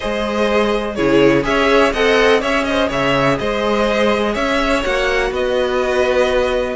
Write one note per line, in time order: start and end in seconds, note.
0.00 0.98 G#3
0.00 0.97 G#4
0.00 0.95 C5
0.00 0.95 D#5
0.95 1.45 C#3
0.95 1.42 E4
0.95 1.44 G#4
0.95 1.43 C#5
1.42 1.93 C#4
1.42 1.91 G#4
1.42 1.92 C#5
1.42 1.93 E5
1.92 2.41 C4
1.92 2.40 A4
1.92 2.40 D#5
1.92 2.41 F#5
2.40 2.90 C#4
2.40 4.82 G#4
2.40 2.64 C#5
2.40 2.63 E5
2.63 2.88 C5
2.63 2.88 D#5
2.88 3.39 C#3
2.88 3.36 C#5
2.88 3.38 E5
3.38 4.35 G#3
3.38 4.32 C5
3.38 4.34 D#5
4.32 4.84 C#4
4.32 5.29 C#5
4.32 4.83 E5
4.83 5.30 A#3
4.83 6.75 F#4
4.83 5.32 F#5
5.30 6.75 B3
5.30 6.75 B4
5.30 6.75 D#5